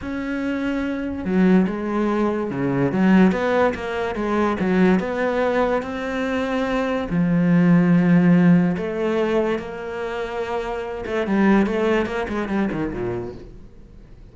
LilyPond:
\new Staff \with { instrumentName = "cello" } { \time 4/4 \tempo 4 = 144 cis'2. fis4 | gis2 cis4 fis4 | b4 ais4 gis4 fis4 | b2 c'2~ |
c'4 f2.~ | f4 a2 ais4~ | ais2~ ais8 a8 g4 | a4 ais8 gis8 g8 dis8 ais,4 | }